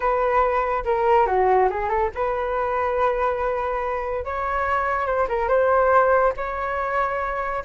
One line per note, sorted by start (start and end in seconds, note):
0.00 0.84 B4
0.84 1.26 A#4
1.26 1.68 F#4
1.70 1.89 G#4
1.89 2.10 A4
2.14 4.24 B4
4.24 5.06 C#5
5.06 5.27 C5
5.28 5.48 A#4
5.48 6.32 C5
6.36 7.63 C#5